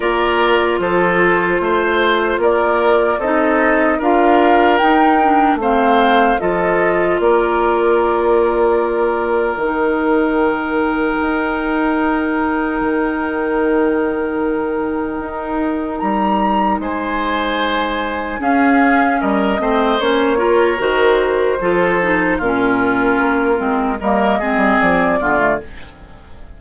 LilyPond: <<
  \new Staff \with { instrumentName = "flute" } { \time 4/4 \tempo 4 = 75 d''4 c''2 d''4 | dis''4 f''4 g''4 f''4 | dis''4 d''2. | g''1~ |
g''1 | ais''4 gis''2 f''4 | dis''4 cis''4 c''2 | ais'2 dis''4 d''4 | }
  \new Staff \with { instrumentName = "oboe" } { \time 4/4 ais'4 a'4 c''4 ais'4 | a'4 ais'2 c''4 | a'4 ais'2.~ | ais'1~ |
ais'1~ | ais'4 c''2 gis'4 | ais'8 c''4 ais'4. a'4 | f'2 ais'8 gis'4 f'8 | }
  \new Staff \with { instrumentName = "clarinet" } { \time 4/4 f'1 | dis'4 f'4 dis'8 d'8 c'4 | f'1 | dis'1~ |
dis'1~ | dis'2. cis'4~ | cis'8 c'8 cis'8 f'8 fis'4 f'8 dis'8 | cis'4. c'8 ais8 c'4 b16 a16 | }
  \new Staff \with { instrumentName = "bassoon" } { \time 4/4 ais4 f4 a4 ais4 | c'4 d'4 dis'4 a4 | f4 ais2. | dis2 dis'2 |
dis2. dis'4 | g4 gis2 cis'4 | g8 a8 ais4 dis4 f4 | ais,4 ais8 gis8 g8 gis16 g16 f8 d8 | }
>>